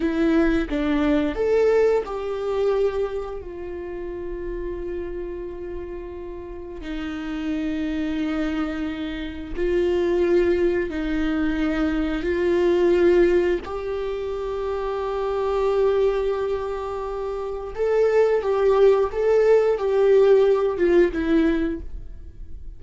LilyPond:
\new Staff \with { instrumentName = "viola" } { \time 4/4 \tempo 4 = 88 e'4 d'4 a'4 g'4~ | g'4 f'2.~ | f'2 dis'2~ | dis'2 f'2 |
dis'2 f'2 | g'1~ | g'2 a'4 g'4 | a'4 g'4. f'8 e'4 | }